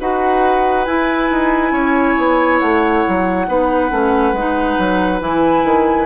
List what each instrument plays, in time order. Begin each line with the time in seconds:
0.00 bassoon D#4, clarinet F#4, oboe B4, flute F#5
0.85 clarinet E4, bassoon E4, flute G#5
1.31 bassoon D#4
1.71 bassoon C#4, oboe C#5
2.17 bassoon B3
2.59 bassoon A3, flute F#5
3.08 bassoon F#3
3.47 bassoon B3, clarinet D#4, oboe B4
3.91 bassoon A3, clarinet C#4
4.33 bassoon G#3, clarinet D#4
4.78 bassoon F#3
5.20 bassoon E3, clarinet E4, flute G#5
5.64 bassoon D#3